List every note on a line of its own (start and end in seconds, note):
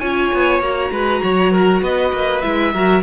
0.00 0.32 C#4
0.00 0.62 F4
0.00 0.91 C#5
0.00 0.61 G#5
0.34 0.60 B3
0.60 0.90 A#3
0.60 2.43 F#4
0.60 1.83 A#5
0.91 1.22 G#3
0.91 1.23 B4
1.23 1.82 F#3
1.23 1.52 C#5
1.52 1.83 A#4
1.82 2.12 B3
1.82 2.74 B4
1.82 2.42 D#5
2.13 2.43 A#3
2.42 2.74 G#3
2.42 2.74 E4
2.42 3.03 E5
2.74 3.03 F#3
2.74 3.03 F#4
2.74 3.03 A#4